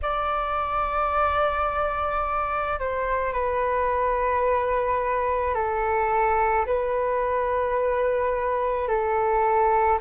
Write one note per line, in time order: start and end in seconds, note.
0.02 2.79 D5
2.79 3.32 C5
3.32 5.54 B4
5.54 6.65 A4
6.66 8.87 B4
8.87 9.98 A4